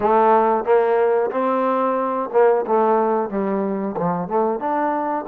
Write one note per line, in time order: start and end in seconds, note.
0.00 0.64 A3
0.64 1.30 A#3
1.30 2.29 C4
2.32 2.65 A#3
2.66 3.29 A3
3.29 3.95 G3
3.97 4.28 F3
4.28 4.59 A3
4.59 5.25 D4